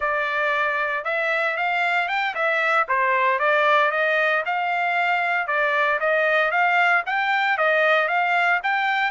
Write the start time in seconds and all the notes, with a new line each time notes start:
0.00 D5
1.04 E5
1.56 F5
2.08 G5
2.35 E5
2.88 C5
3.39 D5
3.91 D#5
4.45 F5
5.47 D5
6.00 D#5
6.51 F5
7.06 G5
7.57 D#5
8.08 F5
8.63 G5